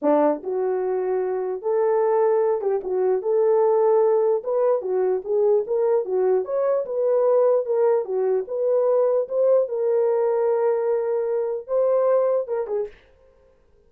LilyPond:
\new Staff \with { instrumentName = "horn" } { \time 4/4 \tempo 4 = 149 d'4 fis'2. | a'2~ a'8 g'8 fis'4 | a'2. b'4 | fis'4 gis'4 ais'4 fis'4 |
cis''4 b'2 ais'4 | fis'4 b'2 c''4 | ais'1~ | ais'4 c''2 ais'8 gis'8 | }